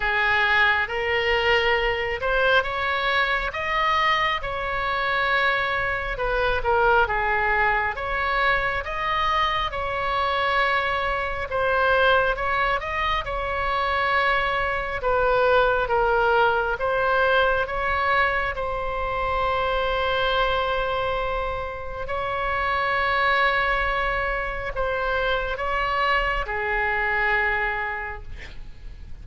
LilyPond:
\new Staff \with { instrumentName = "oboe" } { \time 4/4 \tempo 4 = 68 gis'4 ais'4. c''8 cis''4 | dis''4 cis''2 b'8 ais'8 | gis'4 cis''4 dis''4 cis''4~ | cis''4 c''4 cis''8 dis''8 cis''4~ |
cis''4 b'4 ais'4 c''4 | cis''4 c''2.~ | c''4 cis''2. | c''4 cis''4 gis'2 | }